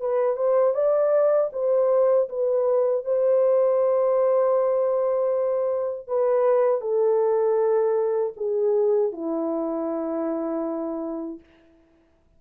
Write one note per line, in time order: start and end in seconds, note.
0.00 0.37 B4
0.37 0.74 C5
0.74 1.50 D5
1.53 2.29 C5
2.29 3.04 B4
3.04 6.07 C5
6.07 6.81 B4
6.81 8.33 A4
8.36 9.12 G#4
9.12 11.40 E4